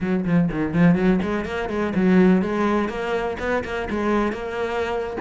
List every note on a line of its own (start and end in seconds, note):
0.00 0.25 F#3
0.25 0.49 F3
0.51 0.73 D#3
0.73 0.95 F3
0.95 1.19 F#3
1.22 1.45 G#3
1.45 1.69 A#3
1.69 1.93 G#3
1.95 2.41 F#3
2.41 2.89 G#3
2.89 3.37 A#3
3.39 3.63 B3
3.64 3.88 A#3
3.90 4.32 G#3
4.32 5.17 A#3